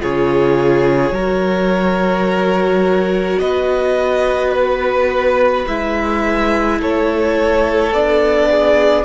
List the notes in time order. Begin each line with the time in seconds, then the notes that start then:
0.00 C#3 F4 G#4 C#5
1.10 F#3 F#4 A#4
3.39 B3 B4 D#5
4.52 B4
5.67 G#3 E4 E5
6.79 A3 A4 C#5
7.91 B3 D4 D5
8.50 G#4